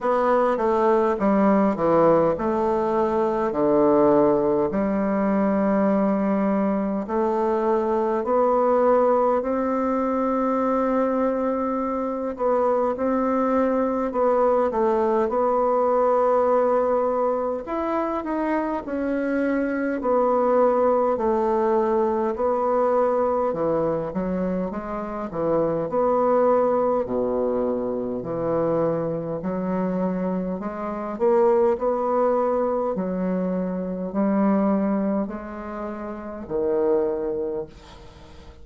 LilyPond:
\new Staff \with { instrumentName = "bassoon" } { \time 4/4 \tempo 4 = 51 b8 a8 g8 e8 a4 d4 | g2 a4 b4 | c'2~ c'8 b8 c'4 | b8 a8 b2 e'8 dis'8 |
cis'4 b4 a4 b4 | e8 fis8 gis8 e8 b4 b,4 | e4 fis4 gis8 ais8 b4 | fis4 g4 gis4 dis4 | }